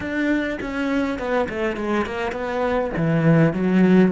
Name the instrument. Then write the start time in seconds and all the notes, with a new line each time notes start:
cello
0.00 D4
0.60 C#4
1.18 B3
1.49 A3
1.76 G#3
2.06 A#3
2.32 B3
2.96 E3
3.53 F#3